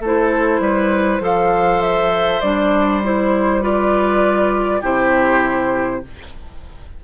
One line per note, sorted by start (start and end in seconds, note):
0.00 0.59 A3
0.00 1.21 E4
0.00 0.60 A4
0.00 1.25 C5
0.59 1.20 G3
0.59 1.22 B4
1.20 2.40 F3
1.20 2.41 A4
1.20 3.62 C5
1.20 1.81 F5
1.81 2.41 E5
2.41 4.82 G3
2.41 3.03 D4
2.41 3.01 D5
3.04 3.62 E4
3.04 3.62 C5
3.62 4.82 F4
3.62 4.80 B4
3.62 4.83 D5
4.80 6.03 C3
4.80 6.02 E4
4.80 6.00 G4
4.80 6.04 C5